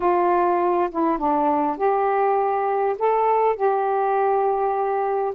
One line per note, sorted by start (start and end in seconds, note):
0.00 0.89 F4
0.90 1.18 E4
1.18 1.77 D4
1.77 2.96 G4
2.98 3.56 A4
3.56 5.34 G4